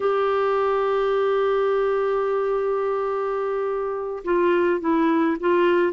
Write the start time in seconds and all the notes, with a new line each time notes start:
0.00 G4
4.24 F4
4.80 E4
5.40 F4